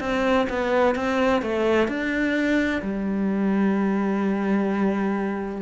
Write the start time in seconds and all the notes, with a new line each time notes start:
0.00 C4
0.49 B3
0.95 C4
1.42 A3
1.88 D4
2.82 G3